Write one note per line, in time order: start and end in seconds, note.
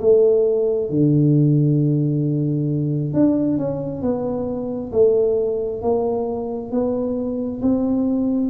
0.00 0.90 A3
0.90 3.13 D3
3.13 3.57 D4
3.57 4.01 C#4
4.01 4.91 B3
4.92 5.81 A3
5.82 6.71 A#3
6.71 7.60 B3
7.62 8.50 C4